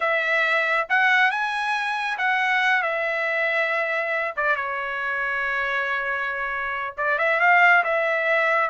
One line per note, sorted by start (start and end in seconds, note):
0.00 0.87 E5
0.89 1.30 F#5
1.30 2.17 G#5
2.18 2.82 F#5
2.82 4.34 E5
4.36 4.56 D5
4.56 6.95 C#5
6.97 7.18 D5
7.18 7.40 E5
7.40 7.83 F5
7.84 8.70 E5